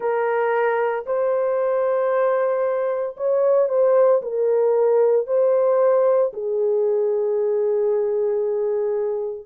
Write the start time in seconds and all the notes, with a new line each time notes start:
0.00 A#4
1.05 C5
3.16 C#5
3.68 C5
4.22 A#4
5.26 C5
6.33 G#4